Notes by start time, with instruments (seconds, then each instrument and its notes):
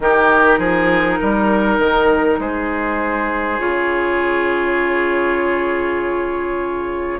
0.00 bassoon D#3, clarinet D#4, oboe G4, flute A#4
0.58 bassoon F3, oboe G#4
1.19 bassoon G3, oboe A#4
1.79 bassoon D#3
2.38 bassoon G#3, oboe G#4, flute C5
3.58 bassoon C#3, clarinet F4, flute C#5